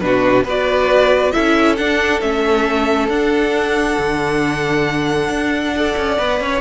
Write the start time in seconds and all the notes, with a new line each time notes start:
0.00 B2 D4 F#4 B4
0.44 B3 F#4 B4 D5
1.32 C#4 E4 A4 E5
1.77 D4 F#5
2.21 A3 C#4 E5
3.09 D4 F#5
3.99 D3
5.29 D4
5.76 A4 D5
5.97 C#4
6.18 B3 B4
6.40 C#4 C#5